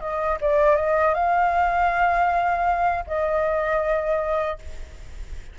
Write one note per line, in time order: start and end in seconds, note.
0.00 0.38 D#5
0.41 0.76 D5
0.76 1.14 D#5
1.14 3.04 F5
3.07 4.59 D#5